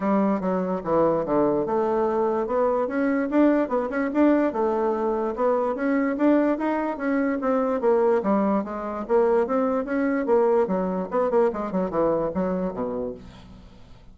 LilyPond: \new Staff \with { instrumentName = "bassoon" } { \time 4/4 \tempo 4 = 146 g4 fis4 e4 d4 | a2 b4 cis'4 | d'4 b8 cis'8 d'4 a4~ | a4 b4 cis'4 d'4 |
dis'4 cis'4 c'4 ais4 | g4 gis4 ais4 c'4 | cis'4 ais4 fis4 b8 ais8 | gis8 fis8 e4 fis4 b,4 | }